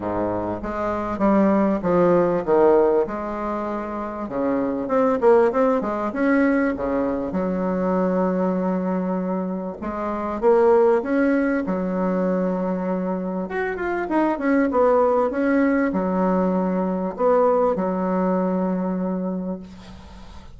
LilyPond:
\new Staff \with { instrumentName = "bassoon" } { \time 4/4 \tempo 4 = 98 gis,4 gis4 g4 f4 | dis4 gis2 cis4 | c'8 ais8 c'8 gis8 cis'4 cis4 | fis1 |
gis4 ais4 cis'4 fis4~ | fis2 fis'8 f'8 dis'8 cis'8 | b4 cis'4 fis2 | b4 fis2. | }